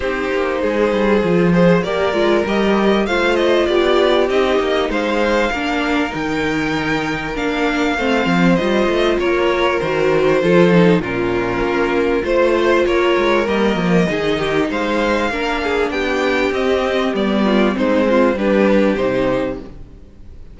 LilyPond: <<
  \new Staff \with { instrumentName = "violin" } { \time 4/4 \tempo 4 = 98 c''2. d''4 | dis''4 f''8 dis''8 d''4 dis''4 | f''2 g''2 | f''2 dis''4 cis''4 |
c''2 ais'2 | c''4 cis''4 dis''2 | f''2 g''4 dis''4 | d''4 c''4 b'4 c''4 | }
  \new Staff \with { instrumentName = "violin" } { \time 4/4 g'4 gis'4. c''8 ais'4~ | ais'4 c''4 g'2 | c''4 ais'2.~ | ais'4 c''2 ais'4~ |
ais'4 a'4 f'2 | c''4 ais'2 gis'8 g'8 | c''4 ais'8 gis'8 g'2~ | g'8 f'8 dis'8 f'8 g'2 | }
  \new Staff \with { instrumentName = "viola" } { \time 4/4 dis'2 f'8 gis'8 g'8 f'8 | g'4 f'2 dis'4~ | dis'4 d'4 dis'2 | d'4 c'4 f'2 |
fis'4 f'8 dis'8 cis'2 | f'2 ais4 dis'4~ | dis'4 d'2 c'4 | b4 c'4 d'4 dis'4 | }
  \new Staff \with { instrumentName = "cello" } { \time 4/4 c'8 ais8 gis8 g8 f4 ais8 gis8 | g4 a4 b4 c'8 ais8 | gis4 ais4 dis2 | ais4 a8 f8 g8 a8 ais4 |
dis4 f4 ais,4 ais4 | a4 ais8 gis8 g8 f8 dis4 | gis4 ais4 b4 c'4 | g4 gis4 g4 c4 | }
>>